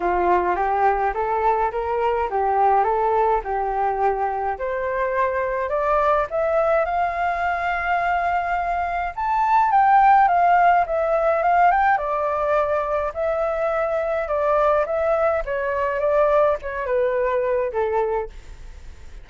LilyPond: \new Staff \with { instrumentName = "flute" } { \time 4/4 \tempo 4 = 105 f'4 g'4 a'4 ais'4 | g'4 a'4 g'2 | c''2 d''4 e''4 | f''1 |
a''4 g''4 f''4 e''4 | f''8 g''8 d''2 e''4~ | e''4 d''4 e''4 cis''4 | d''4 cis''8 b'4. a'4 | }